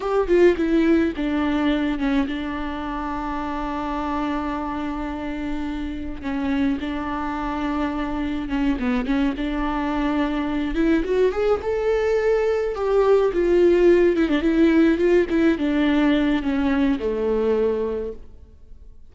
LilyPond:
\new Staff \with { instrumentName = "viola" } { \time 4/4 \tempo 4 = 106 g'8 f'8 e'4 d'4. cis'8 | d'1~ | d'2. cis'4 | d'2. cis'8 b8 |
cis'8 d'2~ d'8 e'8 fis'8 | gis'8 a'2 g'4 f'8~ | f'4 e'16 d'16 e'4 f'8 e'8 d'8~ | d'4 cis'4 a2 | }